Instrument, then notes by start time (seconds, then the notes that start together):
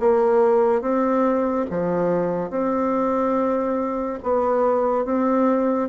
bassoon
0.00 A#3
0.81 C4
1.70 F3
2.50 C4
4.23 B3
5.05 C4